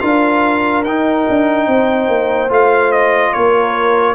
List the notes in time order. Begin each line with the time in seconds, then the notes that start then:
0.00 D4 F4 A#4 F5
0.85 D#4 G5
1.30 D4
1.68 C4 C5
2.09 A#3
2.50 A3 F4 F5
2.92 D#5
3.34 A#3 A#4 C#5